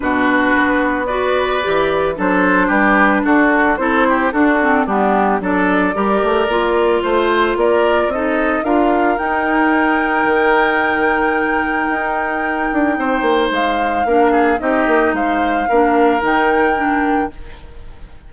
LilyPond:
<<
  \new Staff \with { instrumentName = "flute" } { \time 4/4 \tempo 4 = 111 b'2 d''2 | c''4 b'4 a'4 c''4 | a'4 g'4 d''2~ | d''4 c''4 d''4 dis''4 |
f''4 g''2.~ | g''1~ | g''4 f''2 dis''4 | f''2 g''2 | }
  \new Staff \with { instrumentName = "oboe" } { \time 4/4 fis'2 b'2 | a'4 g'4 fis'4 a'8 g'8 | fis'4 d'4 a'4 ais'4~ | ais'4 c''4 ais'4 a'4 |
ais'1~ | ais'1 | c''2 ais'8 gis'8 g'4 | c''4 ais'2. | }
  \new Staff \with { instrumentName = "clarinet" } { \time 4/4 d'2 fis'4 g'4 | d'2. e'4 | d'8 c'8 b4 d'4 g'4 | f'2. dis'4 |
f'4 dis'2.~ | dis'1~ | dis'2 d'4 dis'4~ | dis'4 d'4 dis'4 d'4 | }
  \new Staff \with { instrumentName = "bassoon" } { \time 4/4 b,4 b2 e4 | fis4 g4 d'4 c'4 | d'4 g4 fis4 g8 a8 | ais4 a4 ais4 c'4 |
d'4 dis'2 dis4~ | dis2 dis'4. d'8 | c'8 ais8 gis4 ais4 c'8 ais8 | gis4 ais4 dis2 | }
>>